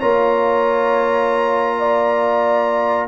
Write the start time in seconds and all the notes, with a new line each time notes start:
0.00 A#3 F4 C#5 A#5
1.79 D5